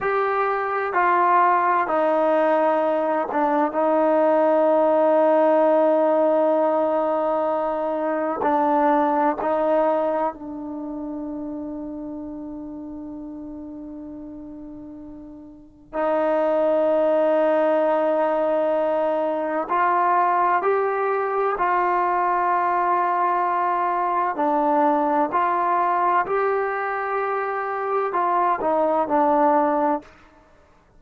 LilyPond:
\new Staff \with { instrumentName = "trombone" } { \time 4/4 \tempo 4 = 64 g'4 f'4 dis'4. d'8 | dis'1~ | dis'4 d'4 dis'4 d'4~ | d'1~ |
d'4 dis'2.~ | dis'4 f'4 g'4 f'4~ | f'2 d'4 f'4 | g'2 f'8 dis'8 d'4 | }